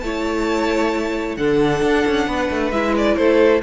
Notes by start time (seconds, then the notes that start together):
0.00 A3 E4 C#5 A5
1.37 D3 D4 A4 F#5
1.82 D4
2.07 C#4
2.27 B3 B4
2.50 A3
2.72 G#3 E4 E5
2.98 D5
3.17 A3 A4 C5